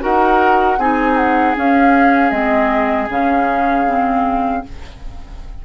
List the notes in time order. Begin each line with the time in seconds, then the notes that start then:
0.00 D#4 F#4 A#4 F#5
0.78 C4 D#4 G#4 G#5
1.17 F#5
1.56 C#4 F5
2.31 G#3 C4 D#5
3.09 C#3 C#4 F5
3.87 C4